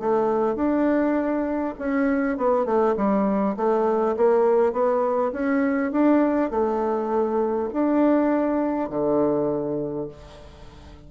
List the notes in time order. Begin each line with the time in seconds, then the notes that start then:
0.00 A3
0.56 D4
1.79 C#4
2.38 B3
2.66 A3
2.97 G3
3.57 A3
4.17 A#3
4.73 B3
5.33 C#4
5.92 D4
6.51 A3
7.74 D4
8.90 D3